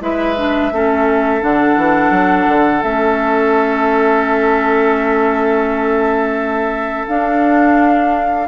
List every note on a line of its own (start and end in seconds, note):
0.00 0.71 G#3
0.00 0.35 E4
0.00 0.73 B4
0.00 1.43 E5
0.36 0.71 D4
0.71 1.42 A3
0.71 1.40 C#4
0.71 8.48 A4
1.40 1.76 D3
1.40 2.82 D4
1.40 2.82 F#5
1.76 2.10 E3
2.10 2.45 F#3
2.48 2.82 D3
2.82 7.06 A3
2.82 7.07 C#4
2.82 7.06 E5
7.07 8.48 D4
7.07 8.48 F5